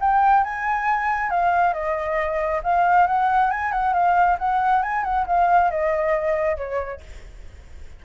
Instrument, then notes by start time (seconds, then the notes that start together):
flute
0.00 G5
0.43 G#5
1.30 F5
1.73 D#5
2.63 F5
3.07 F#5
3.50 G#5
3.72 F#5
3.93 F5
4.38 F#5
4.82 G#5
5.04 F#5
5.26 F5
5.71 D#5
6.56 C#5